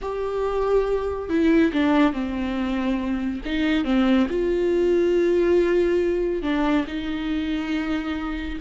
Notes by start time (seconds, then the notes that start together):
0.01 G4
1.29 E4
1.72 D4
2.12 C4
3.45 D#4
3.84 C4
4.29 F4
6.42 D4
6.87 D#4